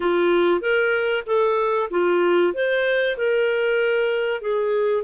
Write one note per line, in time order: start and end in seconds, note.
0.00 0.60 F4
0.60 1.23 A#4
1.26 1.89 A4
1.90 2.53 F4
2.53 3.16 C5
3.17 4.41 A#4
4.41 5.03 G#4